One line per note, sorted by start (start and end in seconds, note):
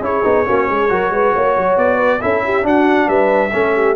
0.00 0.22 C#4
0.00 0.23 E4
0.00 0.47 G#4
0.00 1.77 C#5
0.23 0.46 B3
0.23 0.45 D#4
0.46 0.68 A#3
0.46 0.88 C#4
0.46 0.67 F#4
0.67 0.90 G#3
0.67 0.89 G#4
0.88 1.10 F#3
0.88 2.20 F#4
0.88 1.11 A#4
1.10 1.32 G#3
1.10 1.33 B4
1.33 1.56 A#3
1.33 1.97 C#5
1.56 1.76 F#3
1.76 2.20 B3
1.76 2.21 D5
1.97 2.19 B4
2.21 2.64 C#4
2.21 2.62 E4
2.21 2.43 A4
2.21 2.65 E5
2.44 2.64 G4
2.62 3.50 D4
2.62 3.08 D4
2.62 3.07 F#4
2.62 3.08 F#5
3.07 3.52 G3
3.07 3.51 B4
3.07 3.95 E5
3.52 3.95 A3
3.52 3.95 C#4
3.52 3.74 A4
3.74 3.95 G4